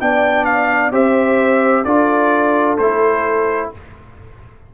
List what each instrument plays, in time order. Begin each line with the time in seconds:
0.00 tuba B3, trombone D4, horn D5, trumpet G5
0.44 trumpet F5
0.91 tuba C4, trombone G4, horn C5, trumpet E5
1.84 tuba D4, trombone F4, horn A4, trumpet D5
2.77 tuba A3, trombone E4, trumpet C5